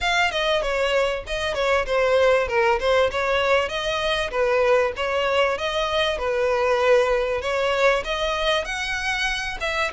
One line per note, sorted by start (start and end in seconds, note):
0.00 0.31 F5
0.31 0.62 D#5
0.62 1.24 C#5
1.27 1.54 D#5
1.54 1.85 C#5
1.86 2.47 C5
2.48 2.79 A#4
2.79 3.10 C5
3.11 3.68 C#5
3.68 4.30 D#5
4.30 4.92 B4
4.96 5.58 C#5
5.58 6.18 D#5
6.18 7.41 B4
7.41 8.03 C#5
8.04 8.64 D#5
8.64 9.57 F#5
9.60 9.91 E5